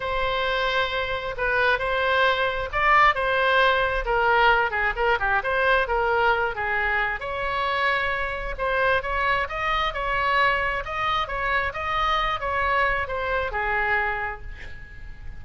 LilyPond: \new Staff \with { instrumentName = "oboe" } { \time 4/4 \tempo 4 = 133 c''2. b'4 | c''2 d''4 c''4~ | c''4 ais'4. gis'8 ais'8 g'8 | c''4 ais'4. gis'4. |
cis''2. c''4 | cis''4 dis''4 cis''2 | dis''4 cis''4 dis''4. cis''8~ | cis''4 c''4 gis'2 | }